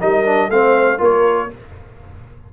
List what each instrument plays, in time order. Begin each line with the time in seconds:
0.00 tuba G3, trombone D#4, horn A#4, trumpet D#5
0.26 trombone D4
0.49 tuba A3, trombone C4, horn C5, trumpet F5
0.98 tuba A#3, trombone F4, horn A#4, trumpet C#5